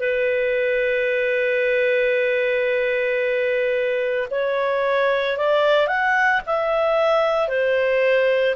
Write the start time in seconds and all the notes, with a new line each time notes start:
0.00 B4
4.31 C#5
5.38 D5
5.87 F#5
6.46 E5
7.49 C5